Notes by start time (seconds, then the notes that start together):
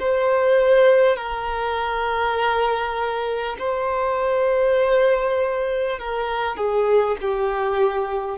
0.00 C5
1.17 A#4
3.59 C5
5.99 A#4
6.57 G#4
7.22 G4